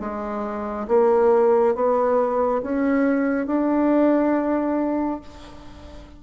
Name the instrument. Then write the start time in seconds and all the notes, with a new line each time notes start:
bassoon
0.00 G#3
0.88 A#3
1.75 B3
2.63 C#4
3.47 D4